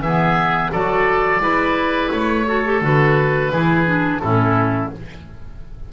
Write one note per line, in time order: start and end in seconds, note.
0.00 0.70 E3
0.00 0.72 B3
0.00 0.72 G#4
0.00 0.72 E5
0.72 1.39 F#3
0.72 1.40 F#4
0.72 1.42 A4
0.72 2.11 D5
1.39 2.09 G#3
1.39 2.45 E4
1.39 2.47 B4
2.11 2.81 A3
2.11 2.81 C#5
2.47 2.65 F#4
2.47 3.52 A4
2.65 2.82 G4
2.81 3.51 D3
2.81 3.52 F#4
2.81 4.20 B4
3.52 4.22 E3
3.52 3.86 E4
3.52 4.22 G#4
3.86 4.21 D4
4.20 4.93 A2
4.20 4.92 C#4
4.20 4.93 E4
4.20 4.90 A4